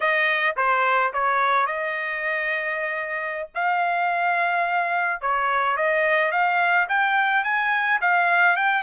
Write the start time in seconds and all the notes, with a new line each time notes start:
0.00 D#5
0.56 C5
1.13 C#5
1.66 D#5
3.54 F5
5.21 C#5
5.77 D#5
6.31 F5
6.88 G5
7.44 G#5
8.01 F5
8.56 G5